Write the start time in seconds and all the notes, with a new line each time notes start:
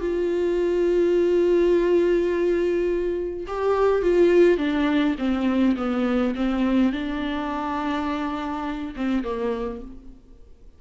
0.00 F4
3.47 G4
4.02 F4
4.57 D4
5.18 C4
5.76 B3
6.35 C4
6.92 D4
8.96 C4
9.23 A#3